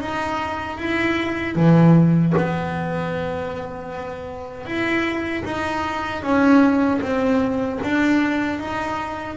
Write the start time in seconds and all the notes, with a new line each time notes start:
0.00 D#4
0.78 E4
1.55 E3
2.37 B3
4.65 E4
5.44 D#4
6.22 C#4
7.01 C4
7.83 D4
8.59 D#4